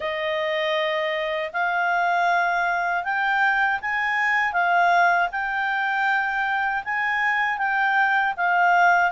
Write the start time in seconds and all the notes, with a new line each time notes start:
0.00 D#5
1.53 F5
3.04 G5
3.81 G#5
4.52 F5
5.31 G5
6.84 G#5
7.58 G5
8.36 F5